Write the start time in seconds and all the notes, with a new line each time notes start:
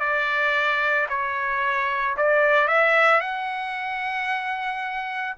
0.00 D5
1.09 C#5
2.17 D5
2.68 E5
3.21 F#5